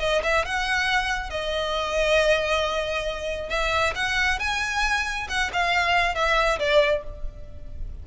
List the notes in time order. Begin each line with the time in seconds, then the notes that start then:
0.00 D#5
0.23 E5
0.45 F#5
1.30 D#5
3.50 E5
3.96 F#5
4.40 G#5
5.29 F#5
5.53 F5
6.15 E5
6.59 D5